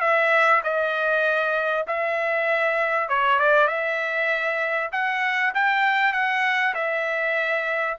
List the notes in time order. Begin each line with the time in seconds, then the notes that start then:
0.00 E5
0.63 D#5
1.87 E5
3.08 C#5
3.39 D5
3.67 E5
4.92 F#5
5.54 G5
6.12 F#5
6.74 E5